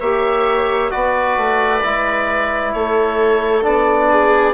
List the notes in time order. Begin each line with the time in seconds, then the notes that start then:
0.00 A#3 G4 C#5 E5
0.90 B3 F#4 B4 D5
1.37 A3
1.83 G#3 E4
2.72 A3 A4 C#5
3.62 B3 D4 D5
4.10 G#4